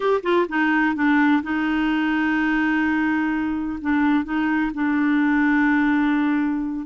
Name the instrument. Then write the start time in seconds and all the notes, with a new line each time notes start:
clarinet
0.00 G4
0.22 F4
0.49 D#4
0.95 D4
1.43 D#4
3.81 D4
4.24 D#4
4.74 D4